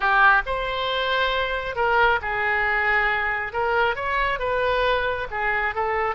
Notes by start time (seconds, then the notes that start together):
0.00 G4
0.46 C5
1.75 A#4
2.21 G#4
3.53 A#4
3.95 C#5
4.39 B4
5.30 G#4
5.74 A4